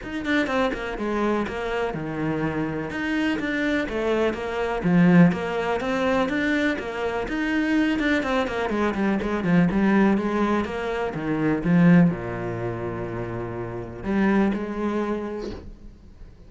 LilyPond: \new Staff \with { instrumentName = "cello" } { \time 4/4 \tempo 4 = 124 dis'8 d'8 c'8 ais8 gis4 ais4 | dis2 dis'4 d'4 | a4 ais4 f4 ais4 | c'4 d'4 ais4 dis'4~ |
dis'8 d'8 c'8 ais8 gis8 g8 gis8 f8 | g4 gis4 ais4 dis4 | f4 ais,2.~ | ais,4 g4 gis2 | }